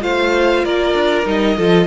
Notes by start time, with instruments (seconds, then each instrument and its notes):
0.00 cello A3, viola F4, violin C5 F5
0.65 cello A#3, violin A#4 D5
0.94 cello D4
1.25 cello G3, viola D#4, violin D#5
1.57 cello F3, viola F4, violin A4